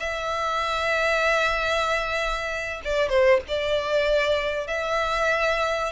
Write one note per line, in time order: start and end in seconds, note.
0.00 2.81 E5
2.84 3.09 D5
3.09 3.41 C5
3.48 4.67 D5
4.67 5.92 E5